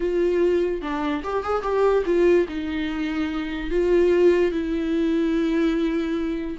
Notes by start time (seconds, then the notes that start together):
0.00 F4
0.81 D4
1.23 G4
1.43 G#4
1.62 G4
2.05 F4
2.48 D#4
3.70 F4
4.51 E4